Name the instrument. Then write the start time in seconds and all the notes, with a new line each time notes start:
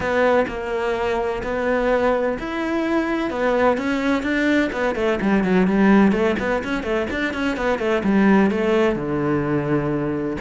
cello
0.00 B3
0.47 A#3
1.43 B3
2.39 E4
3.30 B3
3.77 C#4
4.22 D4
4.72 B3
4.95 A3
5.21 G3
5.43 F#3
5.67 G3
6.12 A3
6.39 B3
6.64 C#4
6.83 A3
7.10 D4
7.33 C#4
7.57 B3
7.78 A3
8.03 G3
8.50 A3
8.95 D3